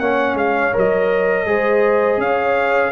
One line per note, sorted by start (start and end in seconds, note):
0.00 0.34 A#3
0.00 0.73 C#4
0.00 1.47 C#5
0.00 0.37 F#5
0.34 0.71 G#3
0.34 0.75 F5
0.73 1.46 F#3
0.73 1.46 A#4
0.73 2.21 D#5
1.46 2.18 G#3
1.46 2.92 G#4
1.46 2.21 C5
2.18 2.91 C#4
2.18 2.92 C#5
2.18 2.92 F5